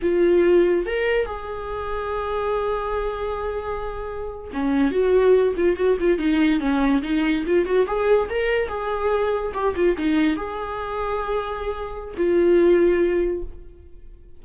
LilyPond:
\new Staff \with { instrumentName = "viola" } { \time 4/4 \tempo 4 = 143 f'2 ais'4 gis'4~ | gis'1~ | gis'2~ gis'8. cis'4 fis'16~ | fis'4~ fis'16 f'8 fis'8 f'8 dis'4 cis'16~ |
cis'8. dis'4 f'8 fis'8 gis'4 ais'16~ | ais'8. gis'2 g'8 f'8 dis'16~ | dis'8. gis'2.~ gis'16~ | gis'4 f'2. | }